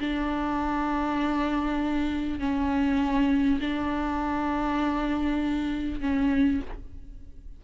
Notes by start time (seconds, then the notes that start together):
0.00 D4
2.39 C#4
3.61 D4
6.01 C#4